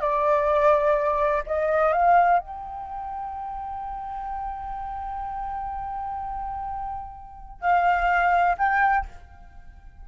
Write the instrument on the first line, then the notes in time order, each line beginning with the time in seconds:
flute
0.00 D5
1.46 D#5
1.92 F5
2.39 G5
7.61 F5
8.57 G5